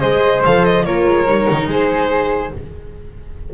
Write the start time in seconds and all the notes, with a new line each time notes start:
0.00 G#3 G#4 C5 D#5
0.44 F3 A4 F5
0.65 D#5
0.85 A#3 F4 A#4 C#5
1.07 G#3
1.27 G3 D#4
1.50 D#3
1.67 G#3 G#4 C5